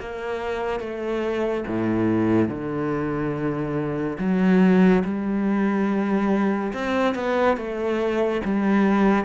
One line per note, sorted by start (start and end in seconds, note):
0.00 0.80 A#3
0.80 1.64 A3
1.67 2.49 A2
2.49 4.18 D3
4.19 5.04 F#3
5.04 6.73 G3
6.74 7.15 C4
7.15 7.57 B3
7.57 8.42 A3
8.45 9.25 G3